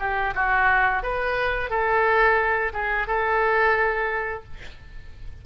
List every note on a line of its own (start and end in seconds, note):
0.00 0.34 G4
0.35 1.03 F#4
1.03 1.70 B4
1.70 2.72 A4
2.73 3.07 G#4
3.07 4.44 A4